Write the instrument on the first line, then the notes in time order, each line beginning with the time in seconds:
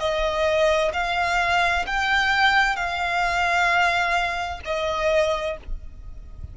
violin
0.00 D#5
0.94 F5
1.87 G5
2.77 F5
4.65 D#5